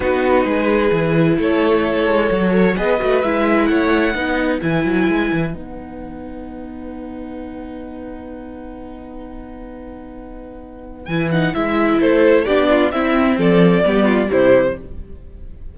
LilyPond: <<
  \new Staff \with { instrumentName = "violin" } { \time 4/4 \tempo 4 = 130 b'2. cis''4~ | cis''2 dis''4 e''4 | fis''2 gis''2 | fis''1~ |
fis''1~ | fis''1 | gis''8 fis''8 e''4 c''4 d''4 | e''4 d''2 c''4 | }
  \new Staff \with { instrumentName = "violin" } { \time 4/4 fis'4 gis'2 a'4~ | a'4. cis''8 b'2 | cis''4 b'2.~ | b'1~ |
b'1~ | b'1~ | b'2 a'4 g'8 f'8 | e'4 a'4 g'8 f'8 e'4 | }
  \new Staff \with { instrumentName = "viola" } { \time 4/4 dis'2 e'2~ | e'4 fis'8 a'8 gis'8 fis'8 e'4~ | e'4 dis'4 e'2 | dis'1~ |
dis'1~ | dis'1 | e'8 dis'8 e'2 d'4 | c'2 b4 g4 | }
  \new Staff \with { instrumentName = "cello" } { \time 4/4 b4 gis4 e4 a4~ | a8 gis8 fis4 b8 a8 gis4 | a4 b4 e8 fis8 gis8 e8 | b1~ |
b1~ | b1 | e4 gis4 a4 b4 | c'4 f4 g4 c4 | }
>>